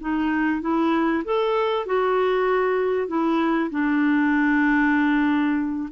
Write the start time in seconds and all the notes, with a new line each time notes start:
0.00 D#4
0.61 E4
1.24 A4
1.86 F#4
3.07 E4
3.70 D4